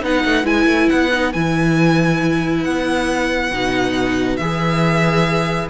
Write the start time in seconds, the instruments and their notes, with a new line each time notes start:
0.00 cello B3, viola D#4, violin B4 F#5
0.24 cello A3
0.44 cello G#3, viola E4, violin G#5
0.66 cello A3
0.89 cello B3, violin F#5
1.12 viola D#4
1.32 cello E3, viola E4, violin G#5
2.63 cello B3, violin F#5
3.51 cello B2, viola D#4
4.36 cello E3, viola G#4, violin E5